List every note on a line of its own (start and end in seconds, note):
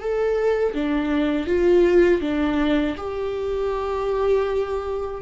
0.00 0.74 A4
0.74 1.46 D4
1.46 2.21 F4
2.21 2.96 D4
2.96 5.21 G4